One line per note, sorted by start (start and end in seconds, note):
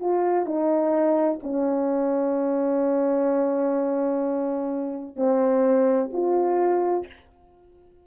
0.00 0.46 F4
0.46 1.39 D#4
1.43 5.16 C#4
5.16 6.10 C4
6.13 7.07 F4